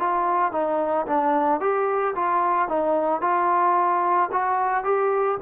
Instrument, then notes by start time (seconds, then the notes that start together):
trombone
0.00 F4
0.52 D#4
1.07 D4
1.61 G4
2.16 F4
2.69 D#4
3.22 F4
4.32 F#4
4.84 G4